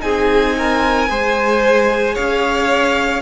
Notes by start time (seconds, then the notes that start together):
0.00 C4 D#4 G#4 G#5
0.58 A#4
1.09 G#3 G#4 C5
2.15 C#4 C#5 F5